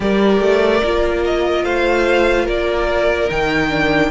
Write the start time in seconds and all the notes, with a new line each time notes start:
0.00 G3 G4 A#4 D5
0.40 A3
0.83 A#3 F4
1.24 D#5
1.64 A3 C5 F5
2.45 A#3 A#4 D5
3.29 D#3 D#4 G5
3.70 D4